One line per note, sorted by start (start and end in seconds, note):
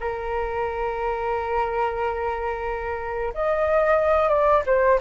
0.00 3.33 A#4
3.34 4.29 D#5
4.29 4.62 D5
4.66 4.99 C5